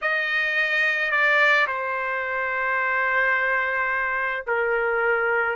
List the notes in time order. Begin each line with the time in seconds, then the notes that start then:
0.02 D#5
1.11 D5
1.67 C5
4.46 A#4